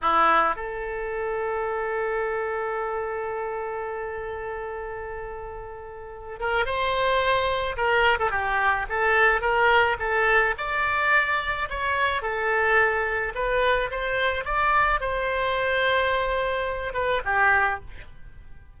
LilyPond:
\new Staff \with { instrumentName = "oboe" } { \time 4/4 \tempo 4 = 108 e'4 a'2.~ | a'1~ | a'2.~ a'8 ais'8 | c''2 ais'8. a'16 g'4 |
a'4 ais'4 a'4 d''4~ | d''4 cis''4 a'2 | b'4 c''4 d''4 c''4~ | c''2~ c''8 b'8 g'4 | }